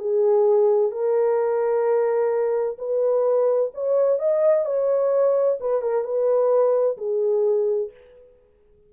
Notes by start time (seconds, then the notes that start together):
0.00 G#4
0.92 A#4
2.78 B4
3.74 C#5
4.20 D#5
4.66 C#5
5.60 B4
5.82 A#4
6.05 B4
6.98 G#4